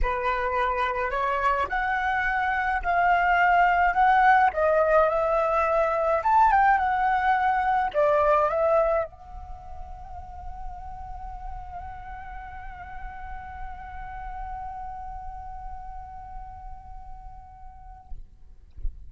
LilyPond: \new Staff \with { instrumentName = "flute" } { \time 4/4 \tempo 4 = 106 b'2 cis''4 fis''4~ | fis''4 f''2 fis''4 | dis''4 e''2 a''8 g''8 | fis''2 d''4 e''4 |
fis''1~ | fis''1~ | fis''1~ | fis''1 | }